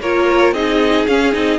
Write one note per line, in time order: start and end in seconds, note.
0.00 0.52 A#3
0.00 0.55 F4
0.00 0.54 A#4
0.00 0.54 C#5
0.52 1.05 C4
0.52 1.08 D#4
0.52 1.59 G#4
0.52 1.06 D#5
1.07 1.32 C#4
1.07 1.34 C#4
1.07 1.33 F5
1.32 1.59 C4
1.32 1.59 D#4
1.32 1.59 D#5